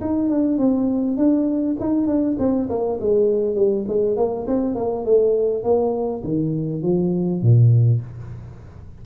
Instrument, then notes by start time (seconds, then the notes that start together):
tuba
0.00 D#4
0.29 D4
0.57 C4
1.17 D4
1.79 D#4
2.07 D4
2.38 C4
2.69 A#3
3.00 G#3
3.55 G3
3.87 G#3
4.16 A#3
4.47 C4
4.75 A#3
5.05 A3
5.63 A#3
6.23 D#3
6.82 F3
7.41 A#2